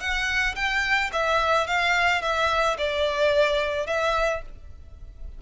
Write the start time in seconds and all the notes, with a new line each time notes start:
0.00 F#5
0.56 G5
1.13 E5
1.67 F5
2.22 E5
2.78 D5
3.87 E5